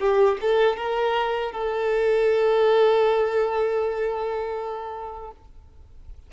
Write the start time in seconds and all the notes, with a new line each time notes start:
0.00 G4
0.41 A4
0.77 A#4
1.52 A4